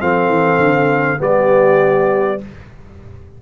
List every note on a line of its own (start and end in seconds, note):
0.00 0.28 F3
0.00 1.18 C4
0.00 1.20 A4
0.00 1.21 F5
0.28 0.58 E3
0.59 1.19 D3
1.18 2.41 G3
1.18 2.38 B3
1.18 2.40 G4
1.18 2.42 D5